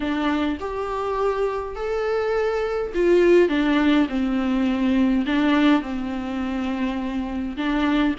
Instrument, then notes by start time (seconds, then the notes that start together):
viola
0.00 D4
0.60 G4
1.75 A4
2.94 F4
3.48 D4
4.09 C4
5.26 D4
5.81 C4
7.56 D4